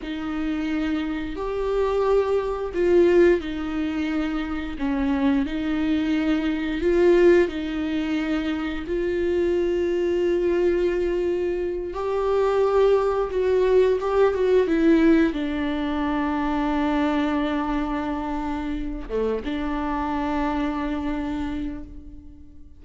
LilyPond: \new Staff \with { instrumentName = "viola" } { \time 4/4 \tempo 4 = 88 dis'2 g'2 | f'4 dis'2 cis'4 | dis'2 f'4 dis'4~ | dis'4 f'2.~ |
f'4. g'2 fis'8~ | fis'8 g'8 fis'8 e'4 d'4.~ | d'1 | a8 d'2.~ d'8 | }